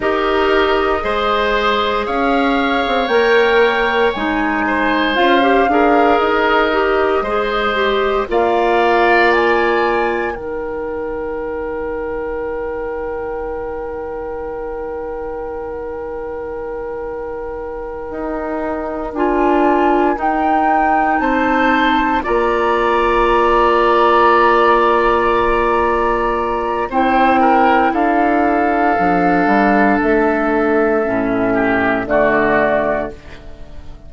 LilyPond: <<
  \new Staff \with { instrumentName = "flute" } { \time 4/4 \tempo 4 = 58 dis''2 f''4 g''4 | gis''4 f''4 dis''2 | f''4 gis''4 g''2~ | g''1~ |
g''2~ g''8 gis''4 g''8~ | g''8 a''4 ais''2~ ais''8~ | ais''2 g''4 f''4~ | f''4 e''2 d''4 | }
  \new Staff \with { instrumentName = "oboe" } { \time 4/4 ais'4 c''4 cis''2~ | cis''8 c''4 ais'4. c''4 | d''2 ais'2~ | ais'1~ |
ais'1~ | ais'8 c''4 d''2~ d''8~ | d''2 c''8 ais'8 a'4~ | a'2~ a'8 g'8 fis'4 | }
  \new Staff \with { instrumentName = "clarinet" } { \time 4/4 g'4 gis'2 ais'4 | dis'4 f'16 g'16 gis'4 g'8 gis'8 g'8 | f'2 dis'2~ | dis'1~ |
dis'2~ dis'8 f'4 dis'8~ | dis'4. f'2~ f'8~ | f'2 e'2 | d'2 cis'4 a4 | }
  \new Staff \with { instrumentName = "bassoon" } { \time 4/4 dis'4 gis4 cis'8. c'16 ais4 | gis4 cis'8 d'8 dis'4 gis4 | ais2 dis2~ | dis1~ |
dis4. dis'4 d'4 dis'8~ | dis'8 c'4 ais2~ ais8~ | ais2 c'4 d'4 | f8 g8 a4 a,4 d4 | }
>>